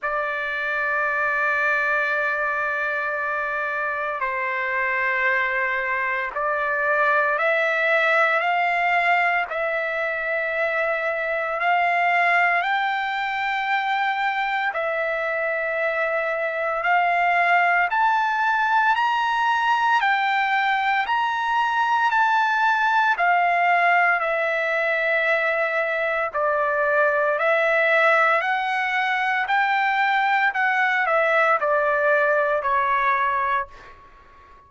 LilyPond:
\new Staff \with { instrumentName = "trumpet" } { \time 4/4 \tempo 4 = 57 d''1 | c''2 d''4 e''4 | f''4 e''2 f''4 | g''2 e''2 |
f''4 a''4 ais''4 g''4 | ais''4 a''4 f''4 e''4~ | e''4 d''4 e''4 fis''4 | g''4 fis''8 e''8 d''4 cis''4 | }